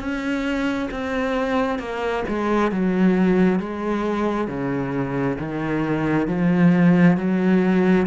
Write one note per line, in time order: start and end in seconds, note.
0.00 0.90 C#4
0.92 1.80 C4
1.80 2.24 A#3
2.29 2.72 G#3
2.72 3.60 F#3
3.60 4.48 G#3
4.48 5.38 C#3
5.39 6.28 D#3
6.28 7.18 F3
7.18 8.07 F#3